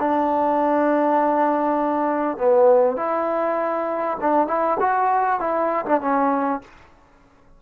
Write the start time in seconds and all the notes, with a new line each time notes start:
0.00 D4
2.38 B3
2.97 E4
4.21 D4
4.48 E4
4.80 F#4
5.40 E4
5.86 D4
6.01 C#4